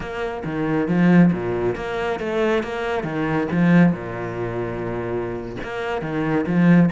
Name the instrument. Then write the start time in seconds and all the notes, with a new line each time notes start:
cello
0.00 A#3
0.44 D#3
0.88 F3
1.33 A#2
1.75 A#3
2.19 A3
2.63 A#3
3.03 D#3
3.51 F3
3.92 A#2
5.63 A#3
6.01 D#3
6.46 F3